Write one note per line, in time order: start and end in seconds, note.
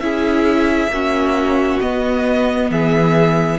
0.00 0.88 C#4
0.00 0.90 E4
0.00 0.92 G#4
0.00 1.79 E5
0.88 1.77 A#3
0.88 1.81 C#4
0.88 2.71 F#4
1.81 3.59 B3
1.81 2.70 B3
1.81 2.70 D#5
2.70 3.59 E3
2.70 3.59 G#4
2.70 3.59 E5